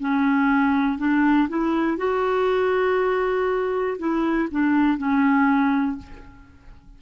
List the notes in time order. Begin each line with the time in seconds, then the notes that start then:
0.00 C#4
0.98 D4
1.49 E4
1.98 F#4
3.99 E4
4.51 D4
4.98 C#4